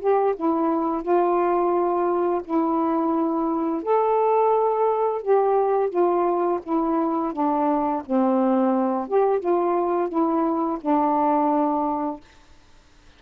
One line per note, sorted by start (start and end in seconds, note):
0.00 0.35 G4
0.36 1.02 E4
1.02 2.42 F4
2.45 3.83 E4
3.83 5.22 A4
5.22 5.90 G4
5.90 6.60 F4
6.63 7.33 E4
7.33 8.03 D4
8.06 9.08 C4
9.08 9.40 G4
9.40 10.09 F4
10.09 10.79 E4
10.81 12.21 D4